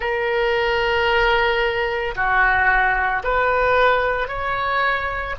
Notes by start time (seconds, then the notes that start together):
0.00 A#4
2.15 F#4
3.23 B4
4.28 C#5